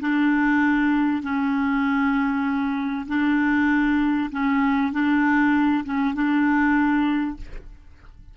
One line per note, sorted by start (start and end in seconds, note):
0.00 1.22 D4
1.23 3.06 C#4
3.08 4.30 D4
4.31 4.93 C#4
4.93 5.84 D4
5.85 6.15 C#4
6.15 7.37 D4